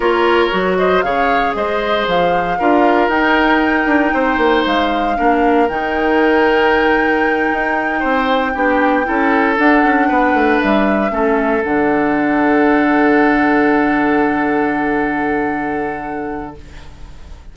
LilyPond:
<<
  \new Staff \with { instrumentName = "flute" } { \time 4/4 \tempo 4 = 116 cis''4. dis''8 f''4 dis''4 | f''2 g''2~ | g''4 f''2 g''4~ | g''1~ |
g''2~ g''8 fis''4.~ | fis''8 e''2 fis''4.~ | fis''1~ | fis''1 | }
  \new Staff \with { instrumentName = "oboe" } { \time 4/4 ais'4. c''8 cis''4 c''4~ | c''4 ais'2. | c''2 ais'2~ | ais'2.~ ais'8 c''8~ |
c''8 g'4 a'2 b'8~ | b'4. a'2~ a'8~ | a'1~ | a'1 | }
  \new Staff \with { instrumentName = "clarinet" } { \time 4/4 f'4 fis'4 gis'2~ | gis'4 f'4 dis'2~ | dis'2 d'4 dis'4~ | dis'1~ |
dis'8 d'4 e'4 d'4.~ | d'4. cis'4 d'4.~ | d'1~ | d'1 | }
  \new Staff \with { instrumentName = "bassoon" } { \time 4/4 ais4 fis4 cis4 gis4 | f4 d'4 dis'4. d'8 | c'8 ais8 gis4 ais4 dis4~ | dis2~ dis8 dis'4 c'8~ |
c'8 b4 cis'4 d'8 cis'8 b8 | a8 g4 a4 d4.~ | d1~ | d1 | }
>>